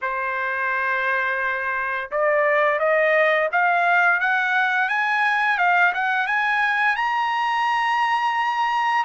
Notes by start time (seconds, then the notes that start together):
0.01 C5
2.11 D5
2.79 D#5
3.52 F5
4.20 F#5
4.88 G#5
5.58 F5
5.94 F#5
6.26 G#5
6.95 A#5